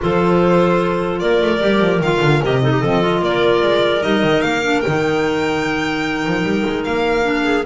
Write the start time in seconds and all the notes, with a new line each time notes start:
0.00 F3 F4 A4 C5
1.19 A#3 A#4 D5
1.41 A3
1.60 G3 G4
1.80 F3
1.99 D#3 F4 F5
2.20 D3
2.43 C3 G4 D#5
2.62 D#4 A4
2.71 G4
2.80 F3 C4 A4
3.01 F4
3.21 A#3 A#4 D5
3.62 G#3
4.00 G3 D#4 D#5
4.22 D#3
4.41 A#3 F5
4.62 D4
4.80 G5
4.87 D#3 D#4
6.26 F3
6.43 G3
6.66 G#3
6.84 A#3 F5
7.22 D4
7.44 G#4